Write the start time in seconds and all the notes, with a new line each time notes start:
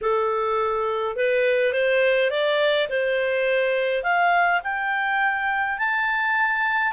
0.01 A4
1.16 B4
1.72 C5
2.30 D5
2.89 C5
4.03 F5
4.63 G5
5.78 A5